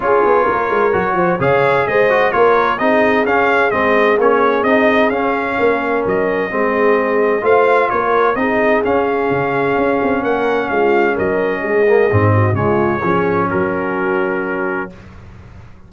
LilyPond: <<
  \new Staff \with { instrumentName = "trumpet" } { \time 4/4 \tempo 4 = 129 cis''2. f''4 | dis''4 cis''4 dis''4 f''4 | dis''4 cis''4 dis''4 f''4~ | f''4 dis''2. |
f''4 cis''4 dis''4 f''4~ | f''2 fis''4 f''4 | dis''2. cis''4~ | cis''4 ais'2. | }
  \new Staff \with { instrumentName = "horn" } { \time 4/4 gis'4 ais'4. c''8 cis''4 | c''4 ais'4 gis'2~ | gis'1 | ais'2 gis'2 |
c''4 ais'4 gis'2~ | gis'2 ais'4 f'4 | ais'4 gis'4. fis'8 f'4 | gis'4 fis'2. | }
  \new Staff \with { instrumentName = "trombone" } { \time 4/4 f'2 fis'4 gis'4~ | gis'8 fis'8 f'4 dis'4 cis'4 | c'4 cis'4 dis'4 cis'4~ | cis'2 c'2 |
f'2 dis'4 cis'4~ | cis'1~ | cis'4. ais8 c'4 gis4 | cis'1 | }
  \new Staff \with { instrumentName = "tuba" } { \time 4/4 cis'8 b8 ais8 gis8 fis8 f8 cis4 | gis4 ais4 c'4 cis'4 | gis4 ais4 c'4 cis'4 | ais4 fis4 gis2 |
a4 ais4 c'4 cis'4 | cis4 cis'8 c'8 ais4 gis4 | fis4 gis4 gis,4 cis4 | f4 fis2. | }
>>